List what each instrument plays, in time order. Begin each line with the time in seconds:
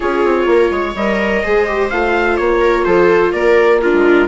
0.00 bassoon C#4, viola F4 G#4, trumpet C#5
0.24 bassoon C4
0.46 bassoon A#3, viola A#4
0.70 bassoon G#3, viola C#5
0.95 bassoon G3, viola A#4, trumpet D#5
1.42 bassoon G#3, viola G#4 C5
1.66 viola G4
1.90 bassoon A3, viola F4, trumpet F5
2.36 bassoon A#3, trumpet C#5
2.60 viola A#4
2.84 bassoon F3, viola A4, trumpet C5
3.32 bassoon A#3, viola A#4, trumpet D5
3.81 viola D4 F4, trumpet A#4
3.92 bassoon G#3